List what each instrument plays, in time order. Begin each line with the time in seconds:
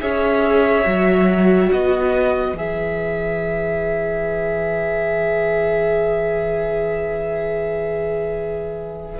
0.00 cello C#4, viola G#4, violin C#5 E5
0.84 cello F#3, viola F#4
1.72 cello B3, violin B4 D#5
2.54 cello E3, viola G#4, violin E5